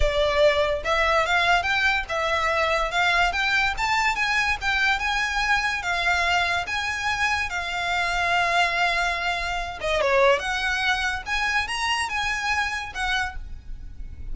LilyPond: \new Staff \with { instrumentName = "violin" } { \time 4/4 \tempo 4 = 144 d''2 e''4 f''4 | g''4 e''2 f''4 | g''4 a''4 gis''4 g''4 | gis''2 f''2 |
gis''2 f''2~ | f''2.~ f''8 dis''8 | cis''4 fis''2 gis''4 | ais''4 gis''2 fis''4 | }